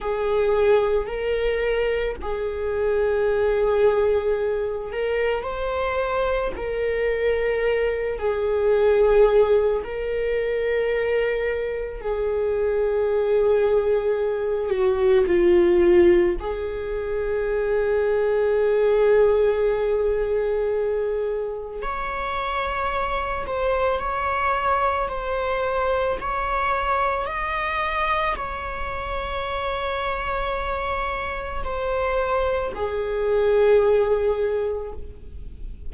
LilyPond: \new Staff \with { instrumentName = "viola" } { \time 4/4 \tempo 4 = 55 gis'4 ais'4 gis'2~ | gis'8 ais'8 c''4 ais'4. gis'8~ | gis'4 ais'2 gis'4~ | gis'4. fis'8 f'4 gis'4~ |
gis'1 | cis''4. c''8 cis''4 c''4 | cis''4 dis''4 cis''2~ | cis''4 c''4 gis'2 | }